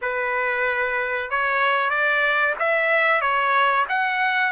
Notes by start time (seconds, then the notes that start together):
0.01 B4
1.30 C#5
1.89 D5
2.59 E5
3.21 C#5
3.89 F#5